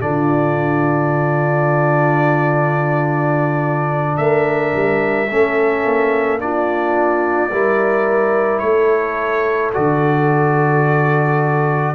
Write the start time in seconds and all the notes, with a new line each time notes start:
0.00 D3 D4 F4 D5
4.17 A3 A#4 E5
4.76 G3
5.31 A3 C#4 A4
5.85 A#3
6.40 D4 F4 D5
7.52 G3 E4 A#4
8.59 A3 A4 C#5
9.74 D3 F#4 D5